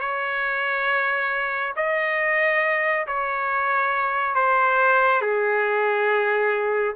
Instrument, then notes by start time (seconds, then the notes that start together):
trumpet
0.00 C#5
1.76 D#5
3.07 C#5
4.35 C5
5.21 G#4